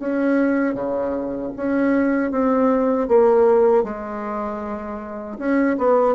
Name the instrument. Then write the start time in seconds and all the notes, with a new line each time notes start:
bassoon
0.00 C#4
0.75 C#3
1.57 C#4
2.31 C4
3.08 A#3
3.84 G#3
5.38 C#4
5.78 B3